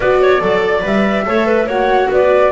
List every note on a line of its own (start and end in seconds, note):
0.00 0.39 B3
0.00 0.40 F#4
0.00 0.20 B4
0.00 0.82 D5
0.21 0.41 C#5
0.40 0.83 F#3
0.40 0.81 A4
0.40 1.25 D5
0.81 1.26 G3
0.81 1.23 B4
0.81 1.69 E5
1.25 1.65 A3
1.25 1.67 A4
1.25 1.46 C#5
1.46 1.67 B4
1.65 2.07 A#3
1.65 2.51 F#4
1.65 2.08 C#5
1.65 2.10 F#5
2.10 2.51 B3
2.10 2.51 B4
2.10 2.51 D5